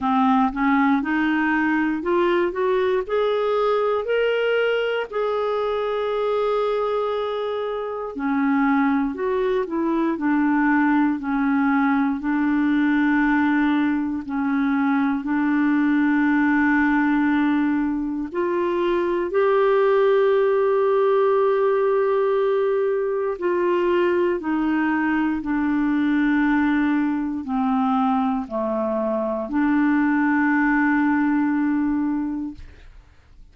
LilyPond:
\new Staff \with { instrumentName = "clarinet" } { \time 4/4 \tempo 4 = 59 c'8 cis'8 dis'4 f'8 fis'8 gis'4 | ais'4 gis'2. | cis'4 fis'8 e'8 d'4 cis'4 | d'2 cis'4 d'4~ |
d'2 f'4 g'4~ | g'2. f'4 | dis'4 d'2 c'4 | a4 d'2. | }